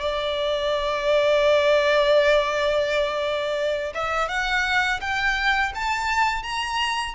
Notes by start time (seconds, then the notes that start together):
0.00 D5
3.94 E5
4.28 F#5
5.01 G5
5.74 A5
6.43 A#5